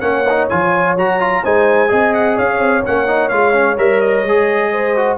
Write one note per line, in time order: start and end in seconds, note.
0.00 0.48 A#3
0.00 0.24 C#4
0.00 1.43 C#5
0.00 0.47 F#5
0.29 0.50 D#4
0.48 0.96 F3
0.48 0.97 F4
0.48 0.95 G#5
0.96 1.42 F#3
0.96 1.20 F#4
0.96 1.45 A#5
1.20 1.43 F4
1.43 1.91 G#3
1.43 1.88 D#4
1.43 1.89 C5
1.43 2.14 G#5
1.88 2.38 C4
1.88 2.81 G#4
1.88 2.36 D#5
2.14 2.37 F#5
2.36 2.59 C#4
2.36 4.71 C#5
2.36 2.85 F5
2.59 2.82 C4
2.85 3.31 A#3
2.85 3.07 C#4
2.85 3.29 F#5
3.07 3.30 D#4
3.29 3.78 G#3
3.29 3.53 F4
3.29 3.75 F5
3.53 3.76 C#4
3.77 4.23 G3
3.77 4.24 A#4
3.77 4.00 E5
4.00 5.17 D#5
4.23 5.17 G#3
4.23 4.96 G#4
4.71 5.17 C5
4.96 5.17 F#4